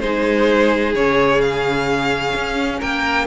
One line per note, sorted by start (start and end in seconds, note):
0.00 0.95 G#3
0.00 0.96 D#4
0.00 2.79 G#4
0.00 0.93 C5
0.95 2.34 C#3
0.95 3.26 C#4
0.95 1.41 C#5
1.41 2.81 F5
2.35 2.81 C#4
2.79 3.26 A#3
2.79 3.25 A#4
2.79 3.26 G5